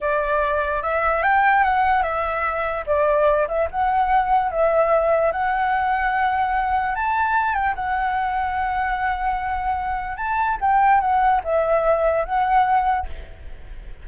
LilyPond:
\new Staff \with { instrumentName = "flute" } { \time 4/4 \tempo 4 = 147 d''2 e''4 g''4 | fis''4 e''2 d''4~ | d''8 e''8 fis''2 e''4~ | e''4 fis''2.~ |
fis''4 a''4. g''8 fis''4~ | fis''1~ | fis''4 a''4 g''4 fis''4 | e''2 fis''2 | }